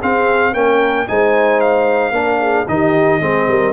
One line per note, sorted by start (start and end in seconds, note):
0.00 0.53 C4
0.00 0.54 C4
0.00 0.54 G#4
0.00 0.54 F5
0.53 1.07 A#3
0.53 1.07 C#4
0.53 1.08 A#4
0.53 1.07 G5
1.08 2.11 G#3
1.08 2.13 D#4
1.08 2.14 C5
1.08 1.60 G#5
1.60 2.68 F5
2.11 2.65 A#3
2.11 2.66 D4
2.11 2.40 A#4
2.40 2.67 G#4
2.68 3.21 D#3
2.68 3.21 D#4
2.68 3.22 G4
2.68 3.73 D#5
3.21 3.48 G#3
3.21 3.73 C4
3.21 3.48 G#4
3.48 3.73 G3
3.48 3.73 A#4